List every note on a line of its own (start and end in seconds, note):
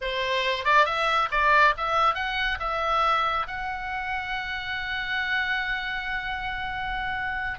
0.01 0.65 C5
0.65 0.85 D5
0.85 1.28 E5
1.31 1.74 D5
1.77 2.14 E5
2.14 2.58 F#5
2.59 3.46 E5
3.47 7.58 F#5